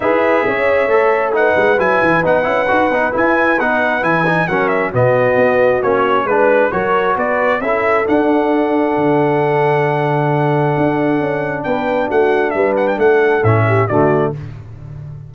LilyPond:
<<
  \new Staff \with { instrumentName = "trumpet" } { \time 4/4 \tempo 4 = 134 e''2. fis''4 | gis''4 fis''2 gis''4 | fis''4 gis''4 fis''8 e''8 dis''4~ | dis''4 cis''4 b'4 cis''4 |
d''4 e''4 fis''2~ | fis''1~ | fis''2 g''4 fis''4 | e''8 fis''16 g''16 fis''4 e''4 d''4 | }
  \new Staff \with { instrumentName = "horn" } { \time 4/4 b'4 cis''2 b'4~ | b'1~ | b'2 ais'4 fis'4~ | fis'2 b'4 ais'4 |
b'4 a'2.~ | a'1~ | a'2 b'4 fis'4 | b'4 a'4. g'8 fis'4 | }
  \new Staff \with { instrumentName = "trombone" } { \time 4/4 gis'2 a'4 dis'4 | e'4 dis'8 e'8 fis'8 dis'8 e'4 | dis'4 e'8 dis'8 cis'4 b4~ | b4 cis'4 d'4 fis'4~ |
fis'4 e'4 d'2~ | d'1~ | d'1~ | d'2 cis'4 a4 | }
  \new Staff \with { instrumentName = "tuba" } { \time 4/4 e'4 cis'4 a4. gis8 | fis8 e8 b8 cis'8 dis'8 b8 e'4 | b4 e4 fis4 b,4 | b4 ais4 gis4 fis4 |
b4 cis'4 d'2 | d1 | d'4 cis'4 b4 a4 | g4 a4 a,4 d4 | }
>>